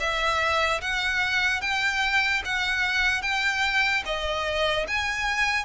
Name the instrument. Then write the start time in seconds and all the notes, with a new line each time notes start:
violin
0.00 E5
0.81 F#5
1.62 G5
2.45 F#5
3.22 G5
4.06 D#5
4.88 G#5